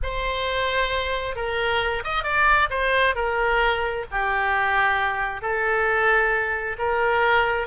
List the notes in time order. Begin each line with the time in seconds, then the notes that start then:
0.02 C5
1.35 A#4
2.04 D#5
2.23 D5
2.69 C5
3.15 A#4
4.11 G4
5.41 A4
6.78 A#4